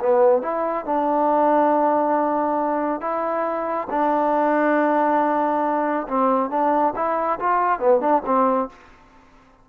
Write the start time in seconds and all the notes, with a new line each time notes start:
0.00 B3
0.42 E4
0.86 D4
3.01 E4
3.90 D4
6.08 C4
6.50 D4
6.96 E4
7.40 F4
7.80 B3
8.01 D4
8.26 C4